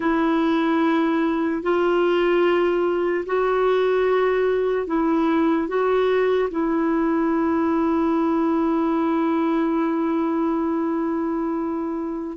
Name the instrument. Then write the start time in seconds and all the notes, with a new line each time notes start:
clarinet
0.00 E4
1.62 F4
3.25 F#4
4.86 E4
5.68 F#4
6.50 E4